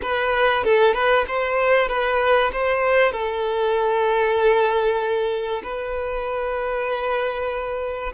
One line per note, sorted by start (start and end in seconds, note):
0.02 0.64 B4
0.64 0.93 A4
0.93 1.25 B4
1.27 1.88 C5
1.88 2.51 B4
2.52 3.12 C5
3.12 5.62 A4
5.63 8.13 B4